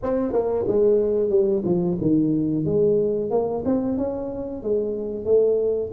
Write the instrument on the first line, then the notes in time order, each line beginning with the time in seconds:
tuba
0.02 C4
0.32 A#3
0.67 G#3
1.29 G3
1.64 F3
2.01 D#3
2.65 G#3
3.30 A#3
3.65 C4
3.97 C#4
4.62 G#3
5.24 A3